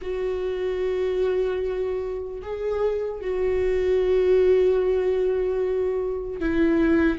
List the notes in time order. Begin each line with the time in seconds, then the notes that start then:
0.01 F#4
2.41 G#4
3.21 F#4
6.40 E4